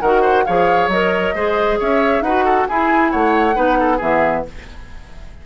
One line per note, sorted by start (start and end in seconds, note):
0.00 0.46 D#3
0.00 0.46 F#4
0.00 0.21 A#4
0.00 0.44 F#5
0.21 0.43 C5
0.45 0.87 F3
0.45 0.91 G#4
0.45 1.34 C#5
0.45 0.89 F5
0.87 1.32 F#3
0.87 1.35 A#4
0.87 1.78 D#5
1.34 1.78 G#3
1.34 2.24 G#4
1.34 1.79 C5
1.79 2.20 C#4
1.79 2.23 C#5
1.79 2.22 E5
2.20 2.65 D#4
2.20 2.69 F#4
2.20 2.44 B4
2.20 2.67 F#5
2.44 2.67 A4
2.67 3.54 E4
2.67 3.14 E4
2.67 3.11 G#4
2.67 3.11 G#5
3.11 3.56 A3
3.11 3.55 C#5
3.11 4.00 F#5
3.54 4.00 B3
3.54 3.98 D#4
3.54 3.77 B4
3.79 3.97 A4
3.97 4.46 E3
3.97 4.45 B3
3.97 4.41 G#4
3.97 4.45 E5